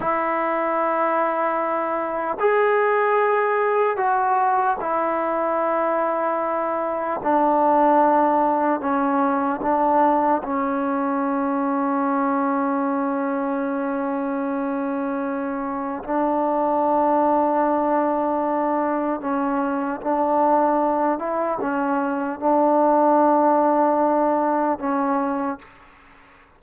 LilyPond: \new Staff \with { instrumentName = "trombone" } { \time 4/4 \tempo 4 = 75 e'2. gis'4~ | gis'4 fis'4 e'2~ | e'4 d'2 cis'4 | d'4 cis'2.~ |
cis'1 | d'1 | cis'4 d'4. e'8 cis'4 | d'2. cis'4 | }